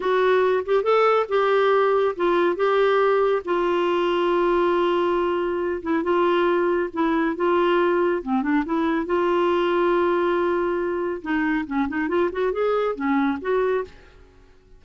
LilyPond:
\new Staff \with { instrumentName = "clarinet" } { \time 4/4 \tempo 4 = 139 fis'4. g'8 a'4 g'4~ | g'4 f'4 g'2 | f'1~ | f'4. e'8 f'2 |
e'4 f'2 c'8 d'8 | e'4 f'2.~ | f'2 dis'4 cis'8 dis'8 | f'8 fis'8 gis'4 cis'4 fis'4 | }